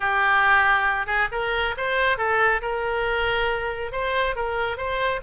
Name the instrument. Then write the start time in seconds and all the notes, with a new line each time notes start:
oboe
0.00 G4
1.06 G#4
1.31 A#4
1.77 C5
2.17 A4
2.61 A#4
3.92 C5
4.35 A#4
4.77 C5